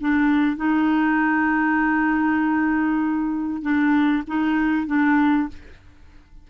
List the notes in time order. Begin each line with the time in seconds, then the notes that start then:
0.00 D4
0.56 D#4
3.62 D4
4.27 D#4
4.87 D4